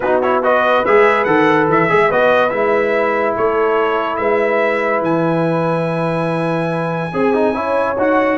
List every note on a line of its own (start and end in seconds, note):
0.00 0.83 B3
0.00 0.22 D#4
0.00 0.42 F#4
0.00 0.20 B4
0.21 0.42 E4
0.21 0.42 C#5
0.42 0.84 F#4
0.42 1.89 B4
0.42 0.85 D#5
0.85 1.26 G#3
0.85 1.26 G#4
0.85 1.24 E5
1.24 1.68 D#3
1.24 1.88 A4
1.24 1.66 F#5
1.68 1.89 E3
1.68 2.11 E5
1.88 2.11 G#3
1.88 2.09 G#4
1.88 2.09 E5
2.09 2.52 B3
2.09 2.50 F#4
2.09 3.35 B4
2.09 2.49 D#5
2.49 3.36 G#3
2.49 7.11 E4
2.49 3.33 E5
3.35 4.19 A3
3.35 4.19 A4
3.35 4.16 C#5
4.16 5.01 G#3
4.16 7.12 B4
4.16 5.00 E5
5.01 7.11 E3
5.01 7.97 G#5
7.13 7.54 C4
7.13 7.54 G#4
7.13 7.34 G#4
7.34 7.54 D#4
7.54 7.96 C#4
7.54 7.96 E4
7.54 8.38 C#5
7.97 8.38 D#4
7.97 8.38 F#4
7.97 8.38 F#5